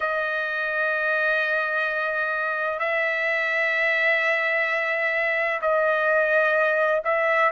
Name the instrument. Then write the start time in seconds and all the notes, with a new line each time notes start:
trumpet
0.00 D#5
2.79 E5
5.61 D#5
7.04 E5